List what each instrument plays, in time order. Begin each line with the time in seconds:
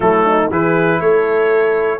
0.00 tuba F#3, trombone A3, horn E4, trumpet A4
0.25 horn D#4
0.49 tuba E3, trombone E4, horn G#4, trumpet B4
1.00 tuba A3, horn A4, trumpet C#5